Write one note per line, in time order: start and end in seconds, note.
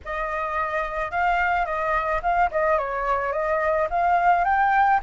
0.04 1.11 D#5
1.11 1.65 F5
1.65 2.21 D#5
2.22 2.50 F5
2.51 2.78 D#5
2.78 3.32 C#5
3.32 3.87 D#5
3.90 4.44 F5
4.44 4.99 G5